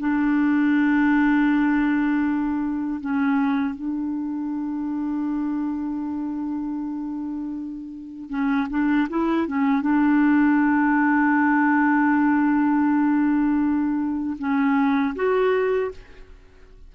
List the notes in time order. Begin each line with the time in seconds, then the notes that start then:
0.00 D4
3.01 C#4
3.75 D4
8.30 C#4
8.70 D4
9.10 E4
9.48 C#4
9.82 D4
14.39 C#4
15.16 F#4